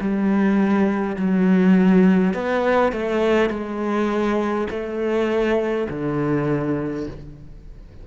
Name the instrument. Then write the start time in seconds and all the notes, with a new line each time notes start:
cello
0.00 G3
1.16 F#3
2.33 B3
2.92 A3
3.50 G#3
4.70 A3
5.89 D3